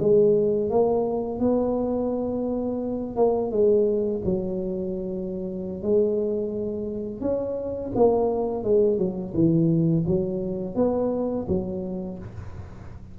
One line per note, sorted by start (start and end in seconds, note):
0.00 0.71 G#3
0.71 1.40 A#3
1.40 3.16 B3
3.16 3.51 A#3
3.51 4.22 G#3
4.25 5.83 F#3
5.83 7.21 G#3
7.21 7.92 C#4
7.96 8.64 A#3
8.64 8.98 G#3
8.98 9.34 F#3
9.35 10.05 E3
10.07 10.76 F#3
10.76 11.46 B3
11.48 12.19 F#3